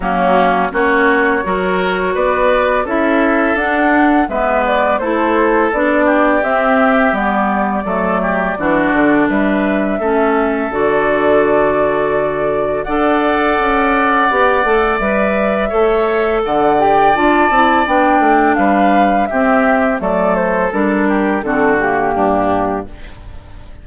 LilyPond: <<
  \new Staff \with { instrumentName = "flute" } { \time 4/4 \tempo 4 = 84 fis'4 cis''2 d''4 | e''4 fis''4 e''8 d''8 c''4 | d''4 e''4 d''2~ | d''4 e''2 d''4~ |
d''2 fis''2~ | fis''4 e''2 fis''8 g''8 | a''4 g''4 f''4 e''4 | d''8 c''8 ais'4 a'8 g'4. | }
  \new Staff \with { instrumentName = "oboe" } { \time 4/4 cis'4 fis'4 ais'4 b'4 | a'2 b'4 a'4~ | a'8 g'2~ g'8 a'8 g'8 | fis'4 b'4 a'2~ |
a'2 d''2~ | d''2 cis''4 d''4~ | d''2 b'4 g'4 | a'4. g'8 fis'4 d'4 | }
  \new Staff \with { instrumentName = "clarinet" } { \time 4/4 ais4 cis'4 fis'2 | e'4 d'4 b4 e'4 | d'4 c'4 b4 a4 | d'2 cis'4 fis'4~ |
fis'2 a'2 | g'8 a'8 b'4 a'4. g'8 | f'8 e'8 d'2 c'4 | a4 d'4 c'8 ais4. | }
  \new Staff \with { instrumentName = "bassoon" } { \time 4/4 fis4 ais4 fis4 b4 | cis'4 d'4 gis4 a4 | b4 c'4 g4 fis4 | e8 d8 g4 a4 d4~ |
d2 d'4 cis'4 | b8 a8 g4 a4 d4 | d'8 c'8 b8 a8 g4 c'4 | fis4 g4 d4 g,4 | }
>>